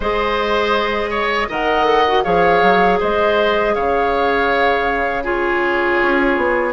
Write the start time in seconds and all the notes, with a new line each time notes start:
0.00 G#3 G#4 C5 D#5
1.10 C#5
1.49 D#3 A#4 D#5 F#5
1.85 A4
2.07 F#4
2.23 F3 G#4 C#5 F5
2.62 F#3
2.99 G#3 C5 D#5
3.74 C#3 C#5 F5
5.23 F4 G#4 C#5
6.01 C#4
6.36 B3